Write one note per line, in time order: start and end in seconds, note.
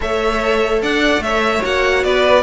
0.00 0.82 A3
0.00 1.61 A4
0.00 0.82 C#5
0.00 0.82 E5
0.82 1.18 D4
0.82 1.23 D5
0.82 1.22 F#5
1.18 1.59 A3
1.18 2.05 C#5
1.18 1.63 E5
1.61 2.04 A#3
1.61 2.42 F#4
1.61 2.03 F#5
2.03 2.42 B3
2.03 2.42 B4
2.03 2.42 D5